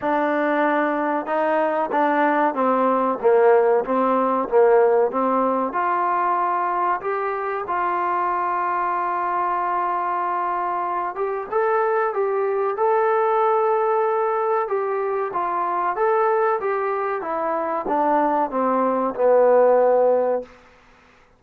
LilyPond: \new Staff \with { instrumentName = "trombone" } { \time 4/4 \tempo 4 = 94 d'2 dis'4 d'4 | c'4 ais4 c'4 ais4 | c'4 f'2 g'4 | f'1~ |
f'4. g'8 a'4 g'4 | a'2. g'4 | f'4 a'4 g'4 e'4 | d'4 c'4 b2 | }